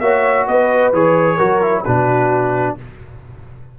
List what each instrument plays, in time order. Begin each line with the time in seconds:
0.00 tuba A#3, trombone F#4, horn C#5, trumpet E5
0.47 tuba B3, horn B4, trumpet D#5
0.93 tuba E3, trombone G#4, trumpet C#5
1.37 tuba F#3, trombone F#4, horn A#4
1.61 trombone E4
1.84 tuba B2, trombone D4, horn F#4, trumpet B4